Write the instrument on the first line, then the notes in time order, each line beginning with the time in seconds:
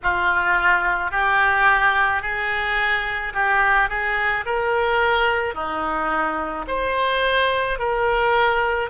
oboe
0.03 F4
1.11 G4
2.22 G#4
3.33 G4
3.89 G#4
4.45 A#4
5.54 D#4
6.67 C5
7.78 A#4